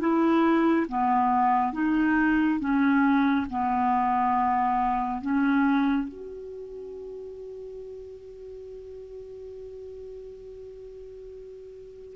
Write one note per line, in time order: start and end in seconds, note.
0.00 0.87 E4
0.89 1.73 B3
1.73 2.60 D#4
2.60 3.47 C#4
3.50 5.22 B3
5.22 6.09 C#4
6.09 12.17 F#4